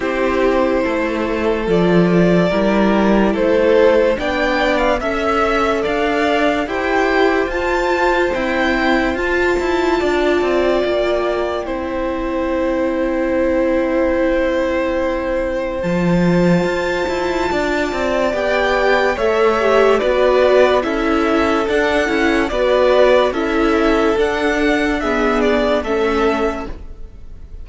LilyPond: <<
  \new Staff \with { instrumentName = "violin" } { \time 4/4 \tempo 4 = 72 c''2 d''2 | c''4 g''8. f''16 e''4 f''4 | g''4 a''4 g''4 a''4~ | a''4 g''2.~ |
g''2. a''4~ | a''2 g''4 e''4 | d''4 e''4 fis''4 d''4 | e''4 fis''4 e''8 d''8 e''4 | }
  \new Staff \with { instrumentName = "violin" } { \time 4/4 g'4 a'2 ais'4 | a'4 d''4 e''4 d''4 | c''1 | d''2 c''2~ |
c''1~ | c''4 d''2 cis''4 | b'4 a'2 b'4 | a'2 gis'4 a'4 | }
  \new Staff \with { instrumentName = "viola" } { \time 4/4 e'2 f'4 e'4~ | e'4 d'4 a'2 | g'4 f'4 c'4 f'4~ | f'2 e'2~ |
e'2. f'4~ | f'2 g'4 a'8 g'8 | fis'4 e'4 d'8 e'8 fis'4 | e'4 d'4 b4 cis'4 | }
  \new Staff \with { instrumentName = "cello" } { \time 4/4 c'4 a4 f4 g4 | a4 b4 cis'4 d'4 | e'4 f'4 e'4 f'8 e'8 | d'8 c'8 ais4 c'2~ |
c'2. f4 | f'8 e'8 d'8 c'8 b4 a4 | b4 cis'4 d'8 cis'8 b4 | cis'4 d'2 a4 | }
>>